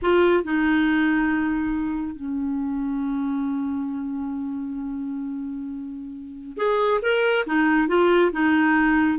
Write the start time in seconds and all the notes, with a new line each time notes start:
0.02 F4
0.43 D#4
2.15 C#4
6.57 G#4
7.02 A#4
7.46 D#4
7.88 F4
8.32 D#4